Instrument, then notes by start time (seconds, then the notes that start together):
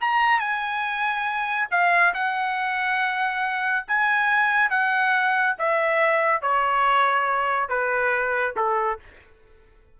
trumpet
0.00 A#5
0.39 G#5
1.71 F5
2.14 F#5
3.87 G#5
4.70 F#5
5.58 E5
6.41 C#5
7.69 B4
8.56 A4